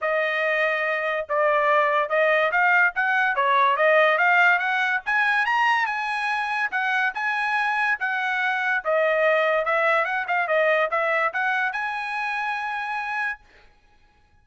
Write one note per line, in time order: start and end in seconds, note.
0.01 1.27 D#5
1.28 2.09 D5
2.09 2.51 D#5
2.51 2.93 F5
2.95 3.35 F#5
3.35 3.76 C#5
3.76 4.17 D#5
4.17 4.58 F5
4.58 5.00 F#5
5.05 5.45 G#5
5.45 5.86 A#5
5.86 6.69 G#5
6.71 7.13 F#5
7.14 7.98 G#5
7.99 8.83 F#5
8.84 9.65 D#5
9.65 10.05 E5
10.05 10.25 F#5
10.27 10.47 F5
10.47 10.89 D#5
10.90 11.32 E5
11.33 11.72 F#5
11.72 13.40 G#5